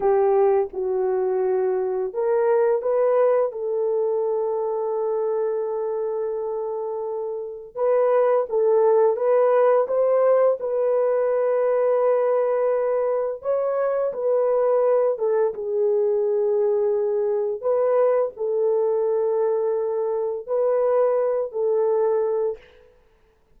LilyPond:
\new Staff \with { instrumentName = "horn" } { \time 4/4 \tempo 4 = 85 g'4 fis'2 ais'4 | b'4 a'2.~ | a'2. b'4 | a'4 b'4 c''4 b'4~ |
b'2. cis''4 | b'4. a'8 gis'2~ | gis'4 b'4 a'2~ | a'4 b'4. a'4. | }